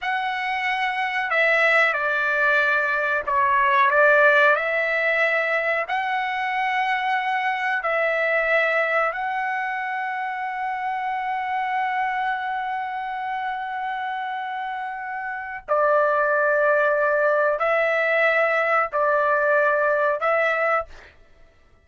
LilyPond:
\new Staff \with { instrumentName = "trumpet" } { \time 4/4 \tempo 4 = 92 fis''2 e''4 d''4~ | d''4 cis''4 d''4 e''4~ | e''4 fis''2. | e''2 fis''2~ |
fis''1~ | fis''1 | d''2. e''4~ | e''4 d''2 e''4 | }